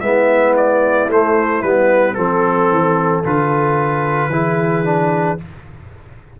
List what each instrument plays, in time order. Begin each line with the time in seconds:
0.00 tuba G#3, trombone B3, horn E4, trumpet E5
0.56 trumpet D5
1.08 tuba A3, trombone A3, trumpet C5
1.62 tuba G3, trombone B3, trumpet B4
2.14 tuba F3, trombone C4, trumpet A4, horn A4
2.69 tuba E3
3.23 tuba D3, trombone F4, trumpet B4
4.28 tuba E3, trombone E4, horn G#4
4.84 trombone D4